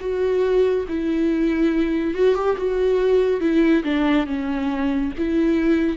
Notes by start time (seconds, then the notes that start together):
0.00 F#4
0.88 E4
2.14 F#4
2.35 G4
2.57 F#4
3.40 E4
3.83 D4
4.26 C#4
5.18 E4